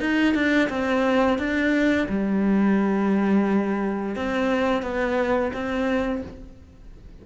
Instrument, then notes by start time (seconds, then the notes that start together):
cello
0.00 D#4
0.34 D4
0.69 C4
1.38 D4
2.09 G3
4.16 C4
4.82 B3
5.53 C4